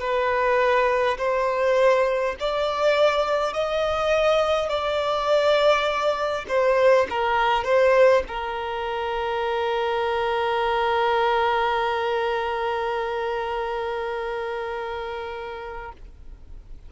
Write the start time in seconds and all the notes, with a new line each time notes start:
0.00 B4
1.18 C5
2.40 D5
3.53 D#5
4.70 D5
6.49 C5
7.10 A#4
7.65 C5
8.28 A#4